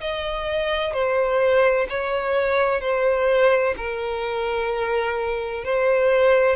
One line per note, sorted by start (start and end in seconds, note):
0.00 0.93 D#5
0.93 1.87 C5
1.89 2.80 C#5
2.80 3.74 C5
3.76 5.64 A#4
5.64 6.55 C5